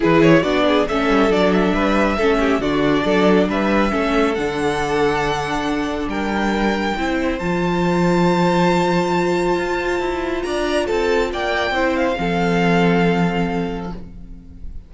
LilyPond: <<
  \new Staff \with { instrumentName = "violin" } { \time 4/4 \tempo 4 = 138 b'8 cis''8 d''4 e''4 d''8 e''8~ | e''2 d''2 | e''2 fis''2~ | fis''2 g''2~ |
g''4 a''2.~ | a''1 | ais''4 a''4 g''4. f''8~ | f''1 | }
  \new Staff \with { instrumentName = "violin" } { \time 4/4 gis'4 fis'8 gis'8 a'2 | b'4 a'8 g'8 fis'4 a'4 | b'4 a'2.~ | a'2 ais'2 |
c''1~ | c''1 | d''4 a'4 d''4 c''4 | a'1 | }
  \new Staff \with { instrumentName = "viola" } { \time 4/4 e'4 d'4 cis'4 d'4~ | d'4 cis'4 d'2~ | d'4 cis'4 d'2~ | d'1 |
e'4 f'2.~ | f'1~ | f'2. e'4 | c'1 | }
  \new Staff \with { instrumentName = "cello" } { \time 4/4 e4 b4 a8 g8 fis4 | g4 a4 d4 fis4 | g4 a4 d2~ | d2 g2 |
c'4 f2.~ | f2 f'4 e'4 | d'4 c'4 ais4 c'4 | f1 | }
>>